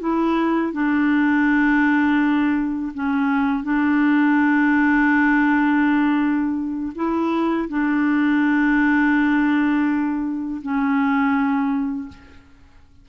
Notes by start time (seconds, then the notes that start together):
0.00 E4
0.73 D4
2.94 C#4
3.64 D4
6.95 E4
7.69 D4
10.62 C#4